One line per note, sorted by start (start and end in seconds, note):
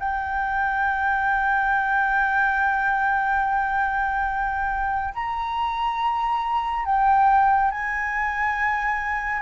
0.00 5.14 G5
5.15 6.86 A#5
6.86 7.71 G5
7.71 9.42 G#5